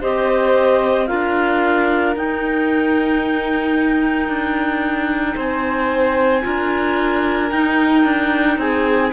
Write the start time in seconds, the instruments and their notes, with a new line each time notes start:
0.00 cello C4, clarinet G4 D#5, violin C5
1.07 cello D4, clarinet F4 F5, violin A#4
2.15 cello D#4, clarinet D#4 G5
4.27 cello D4
5.35 cello C4, violin C5, clarinet G#5
6.42 cello D4, clarinet F4, violin A#4
7.51 cello D#4, clarinet D#4 G5
8.04 cello D4
8.58 cello C4, violin G#4, clarinet G#5